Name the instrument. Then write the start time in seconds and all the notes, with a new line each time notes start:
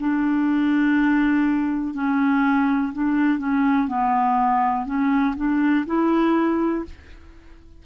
clarinet
0.00 D4
1.94 C#4
2.93 D4
3.39 C#4
3.88 B3
4.86 C#4
5.37 D4
5.87 E4